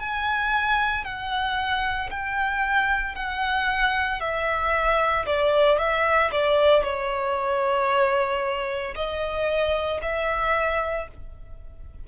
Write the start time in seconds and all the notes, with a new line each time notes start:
0.00 G#5
1.05 F#5
2.11 G5
3.16 F#5
4.21 E5
5.26 D5
5.79 E5
6.32 D5
6.84 C#5
8.96 D#5
10.02 E5